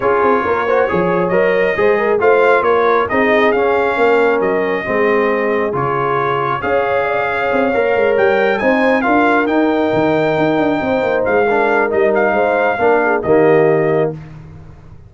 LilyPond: <<
  \new Staff \with { instrumentName = "trumpet" } { \time 4/4 \tempo 4 = 136 cis''2. dis''4~ | dis''4 f''4 cis''4 dis''4 | f''2 dis''2~ | dis''4 cis''2 f''4~ |
f''2~ f''8 g''4 gis''8~ | gis''8 f''4 g''2~ g''8~ | g''4. f''4. dis''8 f''8~ | f''2 dis''2 | }
  \new Staff \with { instrumentName = "horn" } { \time 4/4 gis'4 ais'8 c''8 cis''2 | c''8 ais'8 c''4 ais'4 gis'4~ | gis'4 ais'2 gis'4~ | gis'2. cis''4 |
d''8 cis''2. c''8~ | c''8 ais'2.~ ais'8~ | ais'8 c''4. ais'2 | c''4 ais'8 gis'8 g'2 | }
  \new Staff \with { instrumentName = "trombone" } { \time 4/4 f'4. fis'8 gis'4 ais'4 | gis'4 f'2 dis'4 | cis'2. c'4~ | c'4 f'2 gis'4~ |
gis'4. ais'2 dis'8~ | dis'8 f'4 dis'2~ dis'8~ | dis'2 d'4 dis'4~ | dis'4 d'4 ais2 | }
  \new Staff \with { instrumentName = "tuba" } { \time 4/4 cis'8 c'8 ais4 f4 fis4 | gis4 a4 ais4 c'4 | cis'4 ais4 fis4 gis4~ | gis4 cis2 cis'4~ |
cis'4 c'8 ais8 gis8 g4 c'8~ | c'8 d'4 dis'4 dis4 dis'8 | d'8 c'8 ais8 gis4. g4 | gis4 ais4 dis2 | }
>>